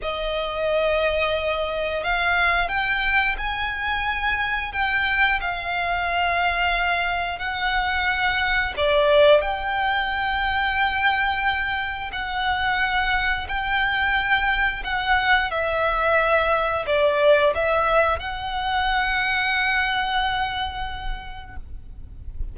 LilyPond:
\new Staff \with { instrumentName = "violin" } { \time 4/4 \tempo 4 = 89 dis''2. f''4 | g''4 gis''2 g''4 | f''2. fis''4~ | fis''4 d''4 g''2~ |
g''2 fis''2 | g''2 fis''4 e''4~ | e''4 d''4 e''4 fis''4~ | fis''1 | }